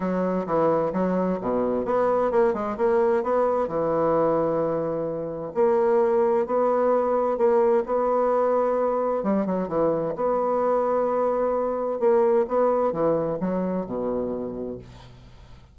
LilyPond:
\new Staff \with { instrumentName = "bassoon" } { \time 4/4 \tempo 4 = 130 fis4 e4 fis4 b,4 | b4 ais8 gis8 ais4 b4 | e1 | ais2 b2 |
ais4 b2. | g8 fis8 e4 b2~ | b2 ais4 b4 | e4 fis4 b,2 | }